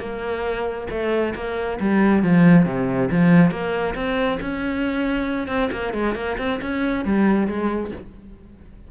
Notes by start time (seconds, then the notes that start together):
0.00 A#3
0.90 A3
1.35 A#3
1.80 G3
2.23 F3
2.66 C3
3.11 F3
3.51 A#3
3.95 C4
4.41 C#4
5.48 C4
5.72 A#3
5.94 G#3
6.15 A#3
6.39 C4
6.62 C#4
7.05 G3
7.48 G#3